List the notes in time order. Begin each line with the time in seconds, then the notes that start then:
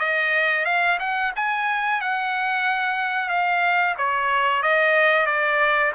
0.00 D#5
0.66 F5
1.00 F#5
1.36 G#5
2.01 F#5
3.29 F5
3.98 C#5
4.63 D#5
5.26 D5